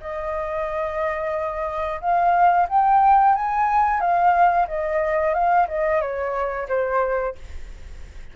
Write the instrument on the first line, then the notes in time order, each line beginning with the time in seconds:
flute
0.00 D#5
2.00 F5
2.68 G5
3.35 G#5
4.00 F5
4.67 D#5
5.33 F5
5.68 D#5
6.01 C#5
6.68 C5